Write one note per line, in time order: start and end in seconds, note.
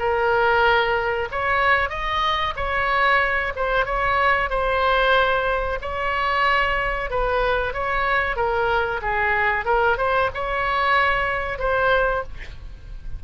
0.00 1.29 A#4
1.32 1.90 C#5
1.90 2.54 D#5
2.57 3.53 C#5
3.56 3.86 C5
3.86 4.50 C#5
4.50 5.79 C5
5.82 7.11 C#5
7.11 7.74 B4
7.74 8.37 C#5
8.37 9.01 A#4
9.02 9.66 G#4
9.66 9.98 A#4
9.98 10.30 C5
10.35 11.59 C#5
11.59 12.23 C5